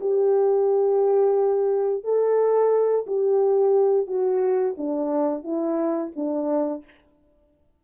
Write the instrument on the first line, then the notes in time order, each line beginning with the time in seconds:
horn
0.00 G4
2.04 A4
3.07 G4
4.07 F#4
4.78 D4
5.43 E4
6.16 D4